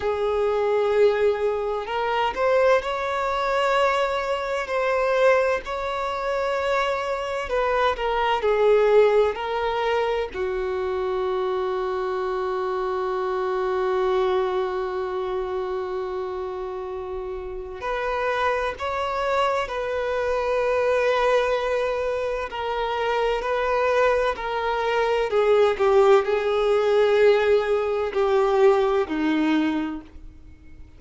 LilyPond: \new Staff \with { instrumentName = "violin" } { \time 4/4 \tempo 4 = 64 gis'2 ais'8 c''8 cis''4~ | cis''4 c''4 cis''2 | b'8 ais'8 gis'4 ais'4 fis'4~ | fis'1~ |
fis'2. b'4 | cis''4 b'2. | ais'4 b'4 ais'4 gis'8 g'8 | gis'2 g'4 dis'4 | }